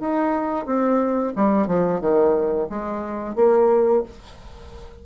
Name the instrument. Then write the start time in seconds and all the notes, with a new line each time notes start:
bassoon
0.00 D#4
0.66 C4
1.36 G3
1.67 F3
2.00 D#3
2.69 G#3
3.35 A#3